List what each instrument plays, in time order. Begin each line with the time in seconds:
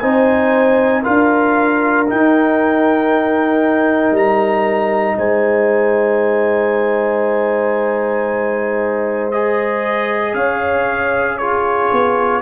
0.00 tuba C4, trombone D#4, horn C5, trumpet G#5
1.03 tuba D4, trombone F4, horn A#4, trumpet F5
2.08 trombone D#4, tuba D#4, trumpet G5
4.12 tuba G3, trumpet A#5
5.18 tuba G#3, horn C5, trumpet G#5
9.31 trombone G#4, trumpet D#5
10.34 tuba C#4, horn C#5, trumpet F5
11.38 trombone F4, horn G#4, trumpet C#5
11.92 tuba B3